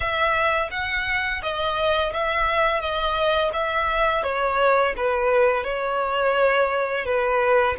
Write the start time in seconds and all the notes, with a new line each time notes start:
0.00 E5
0.71 F#5
1.42 D#5
2.13 E5
2.80 D#5
3.53 E5
4.23 C#5
4.96 B4
5.64 C#5
7.05 B4